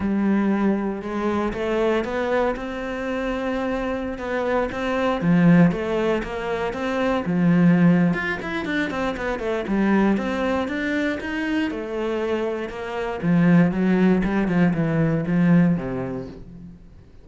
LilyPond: \new Staff \with { instrumentName = "cello" } { \time 4/4 \tempo 4 = 118 g2 gis4 a4 | b4 c'2.~ | c'16 b4 c'4 f4 a8.~ | a16 ais4 c'4 f4.~ f16 |
f'8 e'8 d'8 c'8 b8 a8 g4 | c'4 d'4 dis'4 a4~ | a4 ais4 f4 fis4 | g8 f8 e4 f4 c4 | }